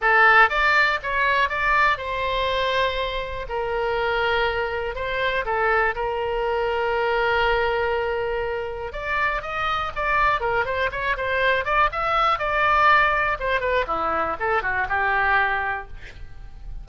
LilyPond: \new Staff \with { instrumentName = "oboe" } { \time 4/4 \tempo 4 = 121 a'4 d''4 cis''4 d''4 | c''2. ais'4~ | ais'2 c''4 a'4 | ais'1~ |
ais'2 d''4 dis''4 | d''4 ais'8 c''8 cis''8 c''4 d''8 | e''4 d''2 c''8 b'8 | e'4 a'8 fis'8 g'2 | }